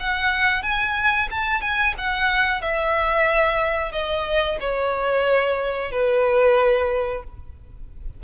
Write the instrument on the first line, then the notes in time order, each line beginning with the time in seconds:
violin
0.00 F#5
0.63 G#5
1.31 A5
1.62 G#5
1.98 F#5
2.62 E5
3.92 D#5
4.61 C#5
5.92 B4